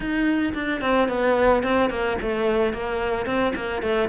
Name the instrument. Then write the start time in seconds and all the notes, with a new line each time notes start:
cello
0.00 D#4
0.54 D4
0.81 C4
1.08 B3
1.63 C4
1.90 A#3
2.21 A3
2.73 A#3
3.26 C4
3.55 A#3
3.82 A3